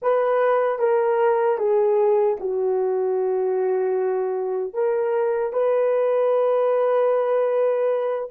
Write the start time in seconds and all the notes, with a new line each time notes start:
0.02 B4
0.79 A#4
1.58 G#4
2.39 F#4
4.73 A#4
5.52 B4